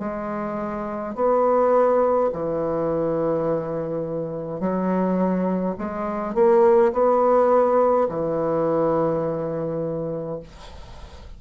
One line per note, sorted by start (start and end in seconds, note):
0.00 1.15 G#3
1.15 2.31 B3
2.33 4.60 E3
4.60 5.76 F#3
5.78 6.35 G#3
6.35 6.93 A#3
6.93 8.08 B3
8.09 10.40 E3